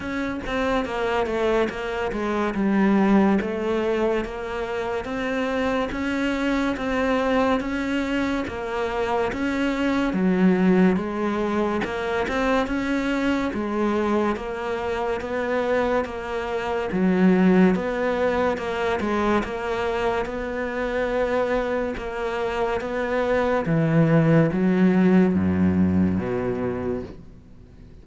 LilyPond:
\new Staff \with { instrumentName = "cello" } { \time 4/4 \tempo 4 = 71 cis'8 c'8 ais8 a8 ais8 gis8 g4 | a4 ais4 c'4 cis'4 | c'4 cis'4 ais4 cis'4 | fis4 gis4 ais8 c'8 cis'4 |
gis4 ais4 b4 ais4 | fis4 b4 ais8 gis8 ais4 | b2 ais4 b4 | e4 fis4 fis,4 b,4 | }